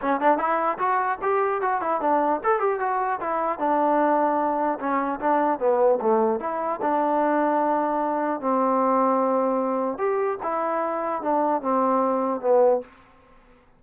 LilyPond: \new Staff \with { instrumentName = "trombone" } { \time 4/4 \tempo 4 = 150 cis'8 d'8 e'4 fis'4 g'4 | fis'8 e'8 d'4 a'8 g'8 fis'4 | e'4 d'2. | cis'4 d'4 b4 a4 |
e'4 d'2.~ | d'4 c'2.~ | c'4 g'4 e'2 | d'4 c'2 b4 | }